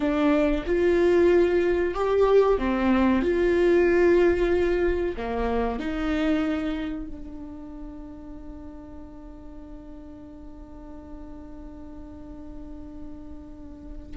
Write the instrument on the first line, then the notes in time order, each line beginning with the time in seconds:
viola
0.00 D4
0.66 F4
1.94 G4
2.58 C4
3.22 F4
5.16 A#3
5.79 D#4
7.06 D4